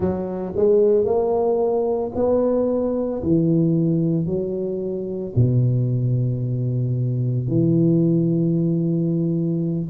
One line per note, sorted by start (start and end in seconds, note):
0.00 0.53 F#3
0.56 1.04 G#3
1.04 2.11 A#3
2.15 3.22 B3
3.22 4.26 E3
4.26 5.33 F#3
5.35 7.48 B2
7.48 9.89 E3